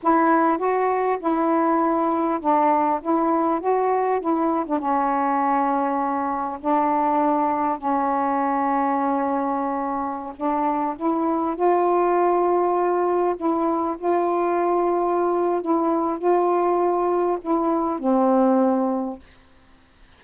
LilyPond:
\new Staff \with { instrumentName = "saxophone" } { \time 4/4 \tempo 4 = 100 e'4 fis'4 e'2 | d'4 e'4 fis'4 e'8. d'16 | cis'2. d'4~ | d'4 cis'2.~ |
cis'4~ cis'16 d'4 e'4 f'8.~ | f'2~ f'16 e'4 f'8.~ | f'2 e'4 f'4~ | f'4 e'4 c'2 | }